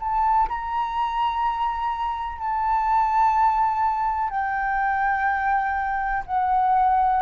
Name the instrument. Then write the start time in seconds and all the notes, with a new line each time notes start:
flute
0.00 A5
0.49 A#5
2.38 A5
4.30 G5
6.26 F#5